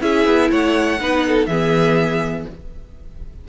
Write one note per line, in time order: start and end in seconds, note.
0.00 0.25 C#4
0.00 0.98 E4
0.00 0.50 G#4
0.00 0.50 E5
0.25 0.50 B3
0.50 1.00 A3
0.50 0.99 C#5
0.50 1.46 F#5
1.00 1.47 B3
1.00 1.49 D#4
1.00 1.27 B4
1.27 1.49 A4
1.46 2.45 E3
1.46 2.48 B3
1.46 2.47 G#4
1.46 2.44 E5